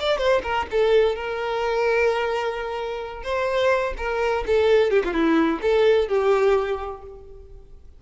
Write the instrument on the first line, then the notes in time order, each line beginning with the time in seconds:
violin
0.00 D5
0.19 C5
0.43 A#4
0.71 A4
1.16 A#4
3.24 C5
3.98 A#4
4.47 A4
4.91 G4
5.05 F4
5.13 E4
5.62 A4
6.09 G4